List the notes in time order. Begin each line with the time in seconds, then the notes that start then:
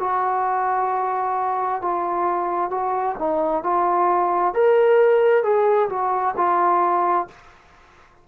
0.00 F#4
1.82 F4
2.71 F#4
3.19 D#4
3.63 F4
4.54 A#4
5.43 G#4
5.89 F#4
6.37 F4